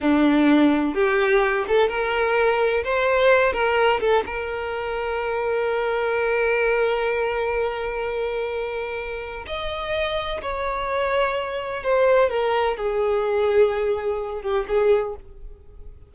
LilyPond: \new Staff \with { instrumentName = "violin" } { \time 4/4 \tempo 4 = 127 d'2 g'4. a'8 | ais'2 c''4. ais'8~ | ais'8 a'8 ais'2.~ | ais'1~ |
ais'1 | dis''2 cis''2~ | cis''4 c''4 ais'4 gis'4~ | gis'2~ gis'8 g'8 gis'4 | }